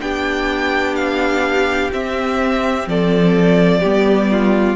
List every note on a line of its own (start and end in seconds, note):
0.00 1.91 B3
0.00 1.90 D4
0.00 2.88 G4
0.00 0.95 G5
0.95 1.90 F5
1.91 3.82 C4
1.91 2.87 C4
1.91 2.88 E5
2.87 3.82 F3
2.87 3.80 A4
2.87 4.76 D5
3.80 4.76 G3
3.80 4.76 B3
3.80 4.27 G4
4.31 4.76 F4